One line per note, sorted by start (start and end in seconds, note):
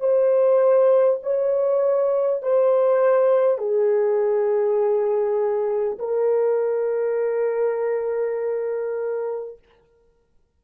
0.00 1.20 C5
1.22 2.42 C#5
2.42 3.58 C5
3.58 5.98 G#4
5.99 9.59 A#4